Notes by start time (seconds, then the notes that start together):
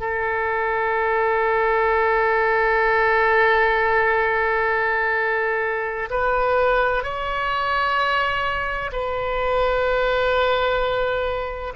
0.00 A4
6.11 B4
7.04 C#5
8.92 B4